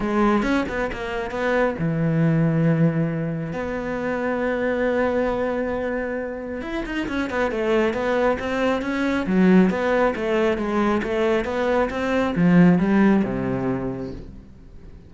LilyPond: \new Staff \with { instrumentName = "cello" } { \time 4/4 \tempo 4 = 136 gis4 cis'8 b8 ais4 b4 | e1 | b1~ | b2. e'8 dis'8 |
cis'8 b8 a4 b4 c'4 | cis'4 fis4 b4 a4 | gis4 a4 b4 c'4 | f4 g4 c2 | }